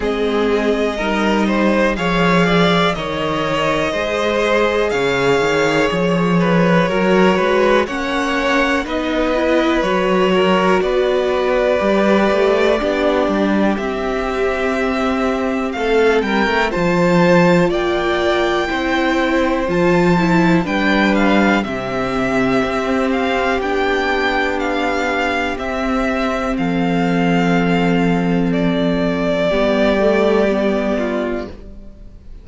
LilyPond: <<
  \new Staff \with { instrumentName = "violin" } { \time 4/4 \tempo 4 = 61 dis''2 f''4 dis''4~ | dis''4 f''4 cis''2 | fis''4 dis''4 cis''4 d''4~ | d''2 e''2 |
f''8 g''8 a''4 g''2 | a''4 g''8 f''8 e''4. f''8 | g''4 f''4 e''4 f''4~ | f''4 d''2. | }
  \new Staff \with { instrumentName = "violin" } { \time 4/4 gis'4 ais'8 c''8 cis''8 d''8 cis''4 | c''4 cis''4. b'8 ais'8 b'8 | cis''4 b'4. ais'8 b'4~ | b'4 g'2. |
a'8 ais'8 c''4 d''4 c''4~ | c''4 b'4 g'2~ | g'2. a'4~ | a'2 g'4. f'8 | }
  \new Staff \with { instrumentName = "viola" } { \time 4/4 c'4 dis'4 gis'4 ais'4 | gis'2. fis'4 | cis'4 dis'8 e'8 fis'2 | g'4 d'4 c'2~ |
c'4 f'2 e'4 | f'8 e'8 d'4 c'2 | d'2 c'2~ | c'2 b8 a8 b4 | }
  \new Staff \with { instrumentName = "cello" } { \time 4/4 gis4 g4 f4 dis4 | gis4 cis8 dis8 f4 fis8 gis8 | ais4 b4 fis4 b4 | g8 a8 b8 g8 c'2 |
a8 g16 a16 f4 ais4 c'4 | f4 g4 c4 c'4 | b2 c'4 f4~ | f2 g2 | }
>>